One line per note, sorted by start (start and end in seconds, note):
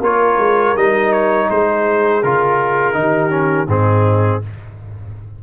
0.00 0.37 A#3
0.00 0.76 F4
0.00 1.47 A#4
0.00 0.76 C#5
0.37 0.74 G#3
0.75 1.49 G3
0.75 2.23 D#4
0.75 1.12 D#5
1.12 1.49 C#5
1.50 2.23 G#3
1.50 2.99 G#4
1.50 2.22 C5
2.22 2.94 C#3
2.22 2.93 F4
2.22 3.69 A#4
2.93 3.67 D#3
2.93 3.30 D#4
3.00 3.68 G4
3.30 3.66 C#4
3.67 4.40 G#2
3.67 4.42 C4
3.67 4.41 D#4
3.67 4.43 G#4